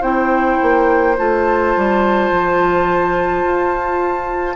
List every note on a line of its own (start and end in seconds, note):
0.00 0.58 C4
0.00 1.15 E4
0.00 4.53 C5
0.00 1.15 G5
0.62 1.18 A#3
1.17 1.75 A3
1.17 4.56 F4
1.17 4.56 A5
1.76 2.30 G3
2.30 3.43 F3
3.43 4.56 F4